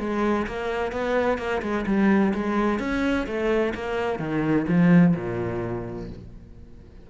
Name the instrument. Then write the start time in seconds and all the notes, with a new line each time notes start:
cello
0.00 G#3
0.47 A#3
0.92 B3
1.38 A#3
1.62 G#3
1.87 G3
2.34 G#3
2.80 C#4
3.27 A3
3.75 A#3
4.19 D#3
4.68 F3
5.16 A#2